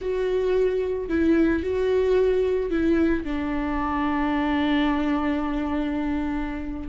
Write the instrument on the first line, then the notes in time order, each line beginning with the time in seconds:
viola
0.01 F#4
1.09 E4
1.62 F#4
2.70 E4
3.24 D4